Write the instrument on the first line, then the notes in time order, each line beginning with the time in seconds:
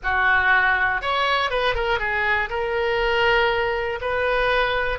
oboe
0.03 F#4
1.01 C#5
1.50 B4
1.74 A#4
1.99 G#4
2.49 A#4
4.01 B4